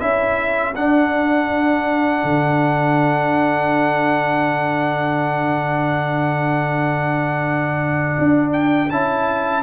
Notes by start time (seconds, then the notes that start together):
0.00 C#4 E4 A4 E5
0.76 D4 F#5
2.24 D3
8.19 D4
8.53 G5
8.90 C#4 E4 A5